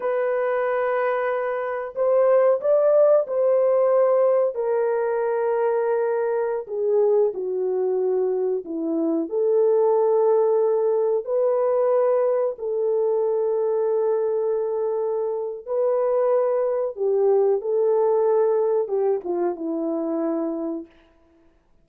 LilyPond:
\new Staff \with { instrumentName = "horn" } { \time 4/4 \tempo 4 = 92 b'2. c''4 | d''4 c''2 ais'4~ | ais'2~ ais'16 gis'4 fis'8.~ | fis'4~ fis'16 e'4 a'4.~ a'16~ |
a'4~ a'16 b'2 a'8.~ | a'1 | b'2 g'4 a'4~ | a'4 g'8 f'8 e'2 | }